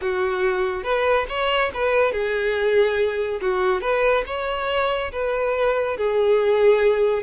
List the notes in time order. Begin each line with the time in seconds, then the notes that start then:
0.01 F#4
0.83 B4
1.28 C#5
1.74 B4
2.12 G#4
3.41 F#4
3.81 B4
4.26 C#5
5.12 B4
5.97 G#4